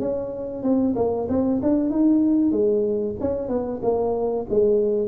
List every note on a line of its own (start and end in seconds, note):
0.00 0.63 C#4
0.63 0.95 C4
0.96 1.28 A#3
1.29 1.61 C4
1.63 1.90 D4
1.90 2.52 D#4
2.52 3.16 G#3
3.21 3.49 C#4
3.49 3.81 B3
3.83 4.47 A#3
4.50 5.08 G#3